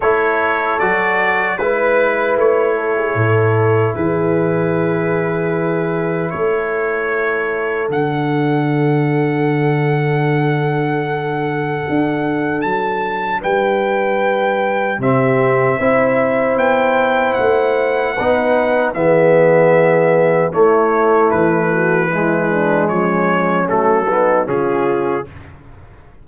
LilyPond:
<<
  \new Staff \with { instrumentName = "trumpet" } { \time 4/4 \tempo 4 = 76 cis''4 d''4 b'4 cis''4~ | cis''4 b'2. | cis''2 fis''2~ | fis''1 |
a''4 g''2 e''4~ | e''4 g''4 fis''2 | e''2 cis''4 b'4~ | b'4 cis''4 a'4 gis'4 | }
  \new Staff \with { instrumentName = "horn" } { \time 4/4 a'2 b'4. a'16 gis'16 | a'4 gis'2. | a'1~ | a'1~ |
a'4 b'2 g'4 | c''2. b'4 | gis'2 e'4. fis'8 | e'8 d'8 cis'4. dis'8 f'4 | }
  \new Staff \with { instrumentName = "trombone" } { \time 4/4 e'4 fis'4 e'2~ | e'1~ | e'2 d'2~ | d'1~ |
d'2. c'4 | e'2. dis'4 | b2 a2 | gis2 a8 b8 cis'4 | }
  \new Staff \with { instrumentName = "tuba" } { \time 4/4 a4 fis4 gis4 a4 | a,4 e2. | a2 d2~ | d2. d'4 |
fis4 g2 c4 | c'4 b4 a4 b4 | e2 a4 e4~ | e4 f4 fis4 cis4 | }
>>